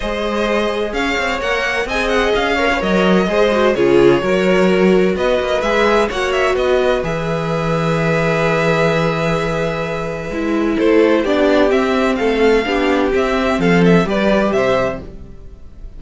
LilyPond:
<<
  \new Staff \with { instrumentName = "violin" } { \time 4/4 \tempo 4 = 128 dis''2 f''4 fis''4 | gis''8 fis''8 f''4 dis''2 | cis''2. dis''4 | e''4 fis''8 e''8 dis''4 e''4~ |
e''1~ | e''2. c''4 | d''4 e''4 f''2 | e''4 f''8 e''8 d''4 e''4 | }
  \new Staff \with { instrumentName = "violin" } { \time 4/4 c''2 cis''2 | dis''4. cis''4. c''4 | gis'4 ais'2 b'4~ | b'4 cis''4 b'2~ |
b'1~ | b'2. a'4 | g'2 a'4 g'4~ | g'4 a'4 b'4 c''4 | }
  \new Staff \with { instrumentName = "viola" } { \time 4/4 gis'2. ais'4 | gis'4. ais'16 b'16 ais'4 gis'8 fis'8 | f'4 fis'2. | gis'4 fis'2 gis'4~ |
gis'1~ | gis'2 e'2 | d'4 c'2 d'4 | c'2 g'2 | }
  \new Staff \with { instrumentName = "cello" } { \time 4/4 gis2 cis'8 c'8 ais4 | c'4 cis'4 fis4 gis4 | cis4 fis2 b8 ais8 | gis4 ais4 b4 e4~ |
e1~ | e2 gis4 a4 | b4 c'4 a4 b4 | c'4 f4 g4 c4 | }
>>